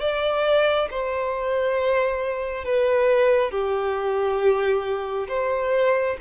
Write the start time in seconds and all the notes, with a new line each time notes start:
0.00 D5
0.90 C5
2.64 B4
3.51 G4
5.28 C5